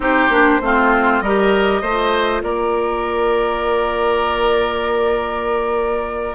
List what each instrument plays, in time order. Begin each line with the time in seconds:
0.00 bassoon C4, clarinet D#4, oboe G4, flute C5
0.28 bassoon A#3, clarinet D4
0.61 bassoon A3, clarinet C4, oboe F4
1.21 bassoon G3, clarinet G4, oboe A#4, flute D#5
1.81 bassoon A3, clarinet F4, oboe C5
2.42 bassoon A#3, oboe A#4, flute D5